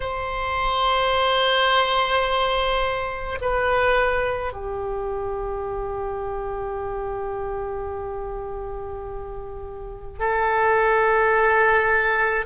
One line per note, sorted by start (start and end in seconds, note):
0.00 3.39 C5
3.41 4.53 B4
4.53 10.19 G4
10.19 12.45 A4